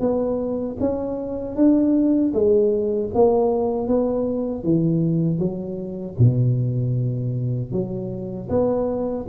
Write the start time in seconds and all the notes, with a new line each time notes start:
0.00 B3
0.80 C#4
1.56 D4
2.34 G#3
3.15 A#3
3.88 B3
4.64 E3
5.39 F#3
6.19 B2
7.72 F#3
8.49 B3